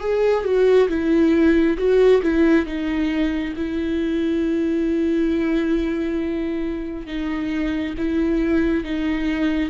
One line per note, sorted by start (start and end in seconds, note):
0.00 0.44 G#4
0.45 0.89 F#4
0.89 1.77 E4
1.78 2.22 F#4
2.23 2.66 E4
2.66 3.54 D#4
3.57 7.07 E4
7.07 7.95 D#4
7.98 8.84 E4
8.84 9.70 D#4